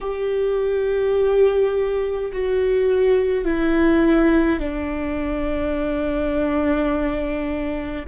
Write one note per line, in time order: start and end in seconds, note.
0.01 2.31 G4
2.32 3.44 F#4
3.44 4.59 E4
4.59 8.05 D4